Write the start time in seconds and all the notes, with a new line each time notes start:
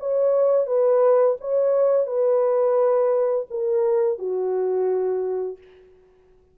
0.00 C#5
0.67 B4
1.41 C#5
2.07 B4
3.51 A#4
4.19 F#4